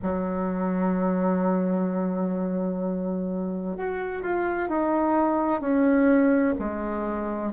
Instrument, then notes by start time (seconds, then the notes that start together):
bassoon
0.02 F#3
3.77 F#4
4.22 F4
4.69 D#4
5.60 C#4
6.58 G#3